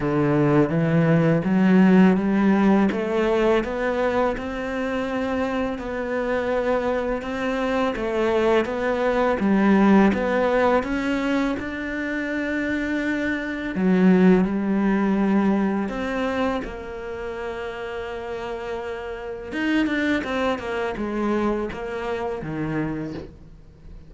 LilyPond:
\new Staff \with { instrumentName = "cello" } { \time 4/4 \tempo 4 = 83 d4 e4 fis4 g4 | a4 b4 c'2 | b2 c'4 a4 | b4 g4 b4 cis'4 |
d'2. fis4 | g2 c'4 ais4~ | ais2. dis'8 d'8 | c'8 ais8 gis4 ais4 dis4 | }